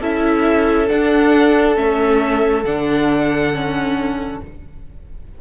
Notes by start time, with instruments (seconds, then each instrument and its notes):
0.00 cello C#4, viola E4, violin A4 E5
0.88 viola D4, cello D4, violin F#5
1.75 cello A3, viola C#4, violin E5
2.64 cello D3, viola D4, violin F#5
3.53 viola C#4